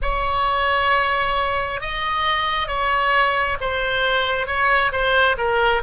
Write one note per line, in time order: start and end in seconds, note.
0.02 1.80 C#5
1.80 2.67 D#5
2.67 3.57 C#5
3.60 4.47 C5
4.47 4.91 C#5
4.91 5.36 C5
5.37 5.82 A#4